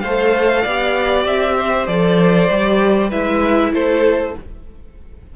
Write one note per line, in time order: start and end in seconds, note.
0.00 0.65 A3
0.00 0.68 A4
0.00 0.62 C5
0.00 1.24 F5
0.62 1.25 B3
0.62 1.87 G4
0.62 1.55 D5
1.25 1.87 C4
1.25 1.87 E5
1.59 3.09 C5
1.87 2.49 F3
1.87 2.49 A4
1.87 3.10 D5
2.50 3.12 G3
2.50 3.11 G4
3.09 3.72 G#3
3.09 4.35 E4
3.09 3.71 B4
3.09 3.73 E5
3.72 4.34 A3
3.72 4.36 A4
3.72 4.36 C5